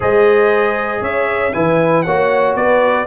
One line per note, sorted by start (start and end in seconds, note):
0.00 1.01 G#3
0.00 1.52 G#4
0.00 1.01 C5
0.00 1.03 D#5
1.01 1.52 C#4
1.01 1.52 C#5
1.01 1.53 E5
1.53 2.06 E3
1.53 2.05 E4
1.53 2.04 B4
1.53 2.02 G#5
2.02 2.55 A#3
2.02 3.06 F#4
2.02 2.55 C#5
2.02 2.53 F#5
2.55 3.06 B3
2.55 3.06 B4
2.55 3.06 D5